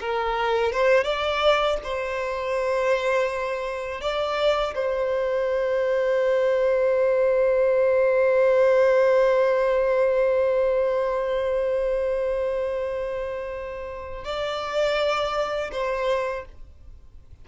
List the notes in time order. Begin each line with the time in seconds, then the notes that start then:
0.00 A#4
0.72 C5
1.04 D5
1.83 C5
4.01 D5
4.75 C5
14.24 D5
15.72 C5